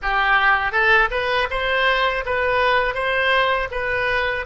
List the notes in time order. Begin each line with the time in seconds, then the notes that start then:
0.02 G4
0.71 A4
1.10 B4
1.50 C5
2.25 B4
2.94 C5
3.71 B4